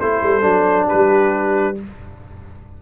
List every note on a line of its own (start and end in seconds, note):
0.00 0.23 A3
0.00 0.42 E4
0.00 0.87 A4
0.00 0.88 C5
0.23 0.44 G3
0.42 0.88 F#3
0.42 1.75 D4
0.87 1.76 G4
0.87 1.77 B4
0.93 1.82 G3